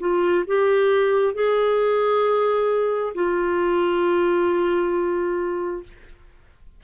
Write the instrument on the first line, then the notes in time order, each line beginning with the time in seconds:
clarinet
0.00 F4
0.47 G4
1.35 G#4
3.15 F4